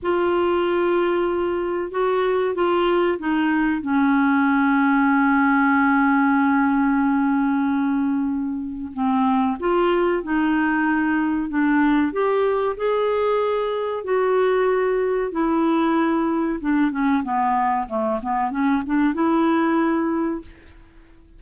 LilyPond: \new Staff \with { instrumentName = "clarinet" } { \time 4/4 \tempo 4 = 94 f'2. fis'4 | f'4 dis'4 cis'2~ | cis'1~ | cis'2 c'4 f'4 |
dis'2 d'4 g'4 | gis'2 fis'2 | e'2 d'8 cis'8 b4 | a8 b8 cis'8 d'8 e'2 | }